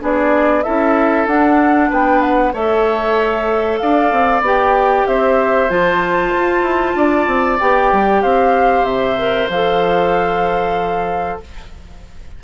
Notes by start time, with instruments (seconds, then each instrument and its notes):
0.00 bassoon B3, clarinet D4, oboe G#4, flute D5
0.63 bassoon C#4, clarinet E4, oboe A4, flute E5
1.26 bassoon D4, clarinet D4, flute F#5
1.90 bassoon B3, oboe B4, flute G5
2.21 flute F#5
2.53 bassoon A3, clarinet A4, oboe C#5, flute E5
3.78 bassoon D4, oboe D5, flute F5
4.12 bassoon C4
4.41 bassoon B3, clarinet G4, flute G5
5.07 bassoon C4, oboe C5, flute E5
5.69 bassoon F3, clarinet F4, flute A5
6.35 bassoon F4
6.61 bassoon E4
6.95 bassoon D4, oboe D5
7.27 bassoon C4
7.59 bassoon B3, clarinet G4, flute G5
7.92 bassoon G3
8.22 bassoon C4, oboe C5, flute F5
8.83 bassoon C3, flute E5
9.17 clarinet A#4
9.49 bassoon F3, clarinet A4, flute F5